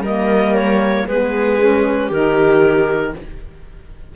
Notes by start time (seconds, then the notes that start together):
0.00 G3 A#3 A#4 D#5
0.55 C#5
1.08 G#3 B3 G#4 B4
1.59 C#4
2.08 D#3 D#4 G4 A#4